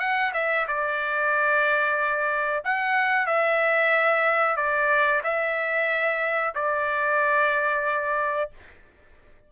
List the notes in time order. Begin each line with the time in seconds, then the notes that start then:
0.00 F#5
0.34 E5
0.68 D5
2.65 F#5
3.27 E5
4.57 D5
5.24 E5
6.55 D5